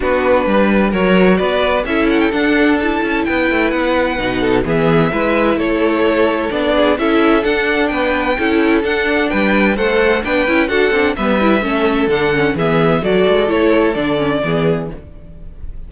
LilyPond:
<<
  \new Staff \with { instrumentName = "violin" } { \time 4/4 \tempo 4 = 129 b'2 cis''4 d''4 | e''8 fis''16 g''16 fis''4 a''4 g''4 | fis''2 e''2 | cis''2 d''4 e''4 |
fis''4 g''2 fis''4 | g''4 fis''4 g''4 fis''4 | e''2 fis''4 e''4 | d''4 cis''4 d''2 | }
  \new Staff \with { instrumentName = "violin" } { \time 4/4 fis'4 b'4 ais'4 b'4 | a'2. b'4~ | b'4. a'8 gis'4 b'4 | a'2~ a'8 gis'8 a'4~ |
a'4 b'4 a'2 | b'4 c''4 b'4 a'4 | b'4 a'2 gis'4 | a'2. gis'4 | }
  \new Staff \with { instrumentName = "viola" } { \time 4/4 d'2 fis'2 | e'4 d'4 e'2~ | e'4 dis'4 b4 e'4~ | e'2 d'4 e'4 |
d'2 e'4 d'4~ | d'4 a'4 d'8 e'8 fis'8 d'8 | b8 e'8 cis'4 d'8 cis'8 b4 | fis'4 e'4 d'8 cis'8 b4 | }
  \new Staff \with { instrumentName = "cello" } { \time 4/4 b4 g4 fis4 b4 | cis'4 d'4. cis'8 b8 a8 | b4 b,4 e4 gis4 | a2 b4 cis'4 |
d'4 b4 cis'4 d'4 | g4 a4 b8 cis'8 d'8 c'8 | g4 a4 d4 e4 | fis8 gis8 a4 d4 e4 | }
>>